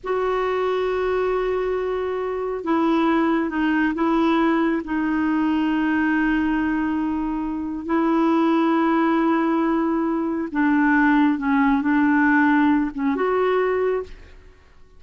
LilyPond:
\new Staff \with { instrumentName = "clarinet" } { \time 4/4 \tempo 4 = 137 fis'1~ | fis'2 e'2 | dis'4 e'2 dis'4~ | dis'1~ |
dis'2 e'2~ | e'1 | d'2 cis'4 d'4~ | d'4. cis'8 fis'2 | }